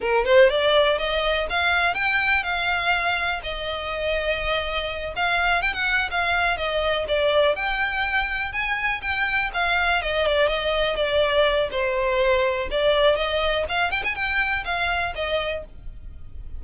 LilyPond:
\new Staff \with { instrumentName = "violin" } { \time 4/4 \tempo 4 = 123 ais'8 c''8 d''4 dis''4 f''4 | g''4 f''2 dis''4~ | dis''2~ dis''8 f''4 g''16 fis''16~ | fis''8 f''4 dis''4 d''4 g''8~ |
g''4. gis''4 g''4 f''8~ | f''8 dis''8 d''8 dis''4 d''4. | c''2 d''4 dis''4 | f''8 g''16 gis''16 g''4 f''4 dis''4 | }